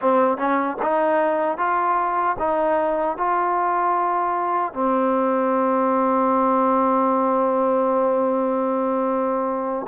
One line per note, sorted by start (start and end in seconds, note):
0.01 0.37 C4
0.37 0.76 C#4
0.82 1.57 D#4
1.57 2.36 F4
2.38 3.17 D#4
3.17 4.73 F4
4.73 9.86 C4